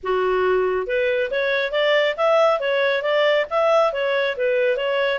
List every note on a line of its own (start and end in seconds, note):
0.03 0.86 F#4
0.86 1.30 B4
1.30 1.71 C#5
1.71 2.15 D5
2.16 2.60 E5
2.60 3.02 C#5
3.02 3.45 D5
3.50 3.92 E5
3.92 4.36 C#5
4.37 4.76 B4
4.76 5.19 C#5